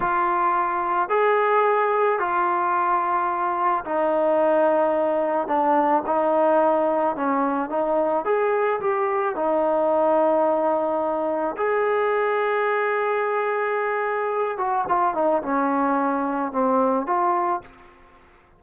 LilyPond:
\new Staff \with { instrumentName = "trombone" } { \time 4/4 \tempo 4 = 109 f'2 gis'2 | f'2. dis'4~ | dis'2 d'4 dis'4~ | dis'4 cis'4 dis'4 gis'4 |
g'4 dis'2.~ | dis'4 gis'2.~ | gis'2~ gis'8 fis'8 f'8 dis'8 | cis'2 c'4 f'4 | }